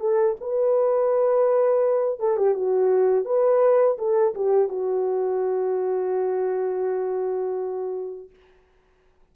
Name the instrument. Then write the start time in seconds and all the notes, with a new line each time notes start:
horn
0.00 A4
0.41 B4
2.20 A4
2.37 G4
2.55 F#4
3.25 B4
3.99 A4
4.35 G4
4.69 F#4